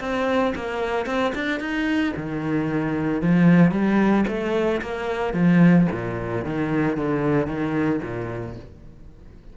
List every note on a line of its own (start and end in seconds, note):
0.00 0.54 C4
0.55 1.06 A#3
1.06 1.33 C4
1.35 1.60 D4
1.60 2.13 D#4
2.16 3.21 D#3
3.21 3.71 F3
3.71 4.25 G3
4.28 4.81 A3
4.82 5.34 A#3
5.34 5.87 F3
5.92 6.45 A#2
6.45 6.97 D#3
6.97 7.47 D3
7.47 8.00 D#3
8.02 8.56 A#2